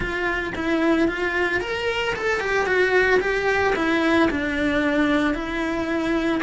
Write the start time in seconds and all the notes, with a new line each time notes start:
0.00 F4
0.55 E4
1.08 F4
1.60 A#4
2.15 A4
2.40 G4
2.66 F#4
3.20 G4
3.75 E4
4.30 D4
5.34 E4